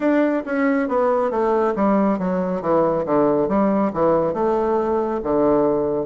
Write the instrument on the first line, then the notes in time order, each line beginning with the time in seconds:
bassoon
0.00 D4
0.45 C#4
0.88 B3
1.30 A3
1.75 G3
2.18 F#3
2.61 E3
3.05 D3
3.48 G3
3.93 E3
4.33 A3
5.23 D3